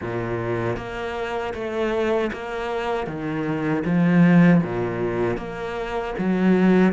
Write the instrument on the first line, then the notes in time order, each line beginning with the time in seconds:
cello
0.01 A#2
0.76 A#3
1.53 A3
2.33 A#3
3.06 D#3
3.85 F3
4.63 A#2
5.37 A#3
6.18 F#3